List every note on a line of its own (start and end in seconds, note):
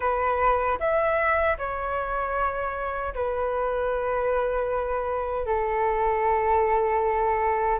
0.00 0.78 B4
0.79 1.57 E5
1.58 3.13 C#5
3.14 5.45 B4
5.45 7.79 A4